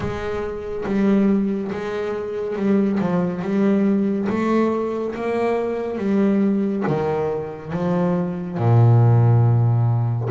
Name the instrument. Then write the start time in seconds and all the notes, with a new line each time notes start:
double bass
0.00 G#3
0.85 G3
1.71 G#3
2.56 G3
3.00 F3
3.41 G3
4.29 A3
5.15 A#3
5.98 G3
6.86 D#3
7.72 F3
8.57 A#2